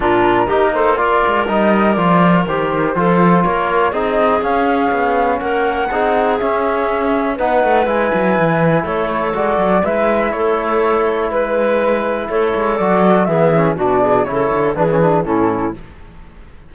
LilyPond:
<<
  \new Staff \with { instrumentName = "flute" } { \time 4/4 \tempo 4 = 122 ais'4. c''8 d''4 dis''4 | d''4 c''2 cis''4 | dis''4 f''2 fis''4~ | fis''4 e''2 fis''4 |
gis''2 cis''4 d''4 | e''4 cis''2 b'4~ | b'4 cis''4 d''4 e''4 | d''4 cis''4 b'4 a'4 | }
  \new Staff \with { instrumentName = "clarinet" } { \time 4/4 f'4 g'8 a'8 ais'2~ | ais'2 a'4 ais'4 | gis'2. ais'4 | gis'2. b'4~ |
b'2 a'2 | b'4 a'2 b'4~ | b'4 a'2 gis'4 | fis'8 gis'8 a'4 gis'4 e'4 | }
  \new Staff \with { instrumentName = "trombone" } { \time 4/4 d'4 dis'4 f'4 dis'4 | f'4 g'4 f'2 | dis'4 cis'2. | dis'4 cis'2 dis'4 |
e'2. fis'4 | e'1~ | e'2 fis'4 b8 cis'8 | d'4 e'4 d'16 cis'16 d'8 cis'4 | }
  \new Staff \with { instrumentName = "cello" } { \time 4/4 ais,4 ais4. gis8 g4 | f4 dis4 f4 ais4 | c'4 cis'4 b4 ais4 | c'4 cis'2 b8 a8 |
gis8 fis8 e4 a4 gis8 fis8 | gis4 a2 gis4~ | gis4 a8 gis8 fis4 e4 | b,4 cis8 d8 e4 a,4 | }
>>